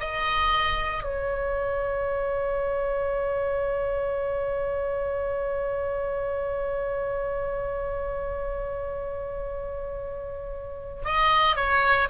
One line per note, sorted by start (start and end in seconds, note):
0.00 1.03 D#5
1.03 11.03 C#5
11.05 11.56 D#5
11.56 12.09 C#5